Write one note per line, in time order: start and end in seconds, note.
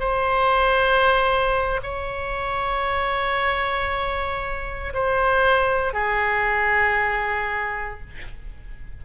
0.00 1.81 C5
1.83 4.93 C#5
4.94 5.93 C5
5.93 8.00 G#4